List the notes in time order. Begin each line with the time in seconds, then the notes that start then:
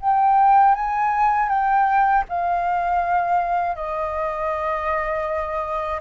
0.00 G5
0.74 G#5
1.49 G5
2.28 F5
3.75 D#5